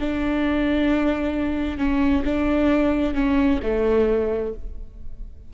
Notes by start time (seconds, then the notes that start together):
0.00 D4
1.78 C#4
2.25 D4
3.15 C#4
3.63 A3